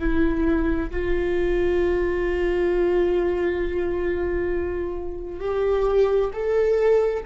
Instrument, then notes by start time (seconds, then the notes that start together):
viola
0.00 E4
0.91 F4
5.40 G4
6.33 A4